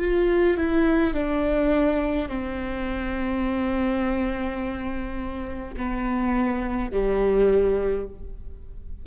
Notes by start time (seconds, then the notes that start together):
0.00 F4
0.58 E4
1.14 D4
2.29 C4
5.77 B3
6.92 G3